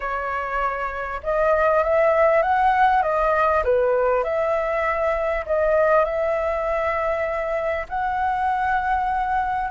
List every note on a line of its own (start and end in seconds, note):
0.00 1.21 C#5
1.23 1.83 D#5
1.83 2.42 E5
2.42 3.02 F#5
3.02 3.63 D#5
3.64 4.23 B4
4.23 5.45 E5
5.45 6.04 D#5
6.04 7.86 E5
7.88 9.70 F#5